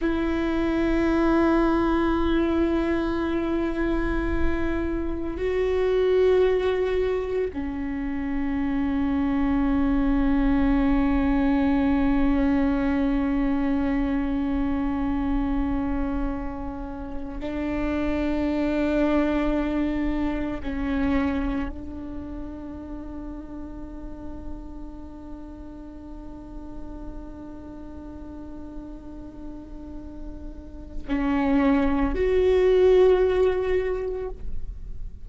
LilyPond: \new Staff \with { instrumentName = "viola" } { \time 4/4 \tempo 4 = 56 e'1~ | e'4 fis'2 cis'4~ | cis'1~ | cis'1~ |
cis'16 d'2. cis'8.~ | cis'16 d'2.~ d'8.~ | d'1~ | d'4 cis'4 fis'2 | }